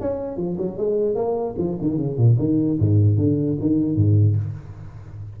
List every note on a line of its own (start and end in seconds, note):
0.00 0.37 C#4
0.37 0.57 F3
0.57 0.77 F#3
0.77 1.15 G#3
1.15 1.55 A#3
1.58 1.78 F3
1.81 1.97 D#3
1.97 2.17 C#3
2.17 2.37 A#2
2.38 2.78 D#3
2.79 3.17 G#2
3.17 3.57 D3
3.60 3.95 D#3
3.95 4.35 G#2